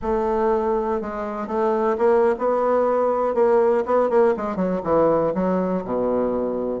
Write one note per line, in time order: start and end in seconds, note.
0.02 1.01 A3
1.01 1.47 G#3
1.47 1.96 A3
1.98 2.35 A#3
2.38 3.34 B3
3.34 3.84 A#3
3.85 4.09 B3
4.09 4.34 A#3
4.36 4.56 G#3
4.56 4.80 F#3
4.83 5.33 E3
5.34 5.84 F#3
5.84 6.80 B2